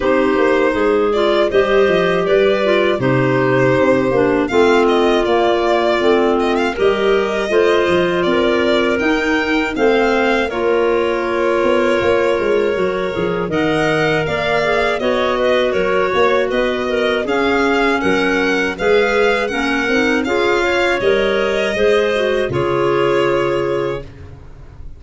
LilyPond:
<<
  \new Staff \with { instrumentName = "violin" } { \time 4/4 \tempo 4 = 80 c''4. d''8 dis''4 d''4 | c''2 f''8 dis''8 d''4~ | d''8 dis''16 f''16 dis''2 d''4 | g''4 f''4 cis''2~ |
cis''2 fis''4 f''4 | dis''4 cis''4 dis''4 f''4 | fis''4 f''4 fis''4 f''4 | dis''2 cis''2 | }
  \new Staff \with { instrumentName = "clarinet" } { \time 4/4 g'4 gis'4 c''4 b'4 | g'2 f'2~ | f'4 ais'4 c''4 ais'4~ | ais'4 c''4 ais'2~ |
ais'2 dis''4 d''4 | cis''8 b'8 ais'8 cis''8 b'8 ais'8 gis'4 | ais'4 b'4 ais'4 gis'8 cis''8~ | cis''4 c''4 gis'2 | }
  \new Staff \with { instrumentName = "clarinet" } { \time 4/4 dis'4. f'8 g'4. f'8 | dis'4. d'8 c'4 ais4 | c'4 g'4 f'2 | dis'4 c'4 f'2~ |
f'4 fis'8 gis'8 ais'4. gis'8 | fis'2. cis'4~ | cis'4 gis'4 cis'8 dis'8 f'4 | ais'4 gis'8 fis'8 f'2 | }
  \new Staff \with { instrumentName = "tuba" } { \time 4/4 c'8 ais8 gis4 g8 f8 g4 | c4 c'8 ais8 a4 ais4 | a4 g4 a8 f8 c'4 | dis'4 a4 ais4. b8 |
ais8 gis8 fis8 f8 dis4 ais4 | b4 fis8 ais8 b4 cis'4 | fis4 gis4 ais8 c'8 cis'4 | g4 gis4 cis2 | }
>>